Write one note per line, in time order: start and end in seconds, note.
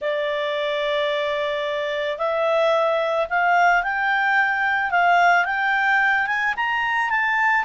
0.01 2.18 D5
2.18 3.27 E5
3.29 3.83 F5
3.83 4.90 G5
4.90 5.45 F5
5.45 6.26 G5
6.26 6.54 G#5
6.56 7.10 A#5
7.10 7.64 A5